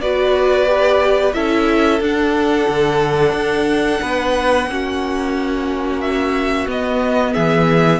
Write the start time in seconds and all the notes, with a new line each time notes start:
0.00 B3 F#4 B4 D5
0.65 G4
1.33 C#4 E4 A4 E5
2.00 D4 F#5
2.68 D3
3.32 D4
4.01 B3 B4
4.66 A#3 C#4 F#4
6.00 E5
6.67 B3 D#5
7.33 E3 G#4 E5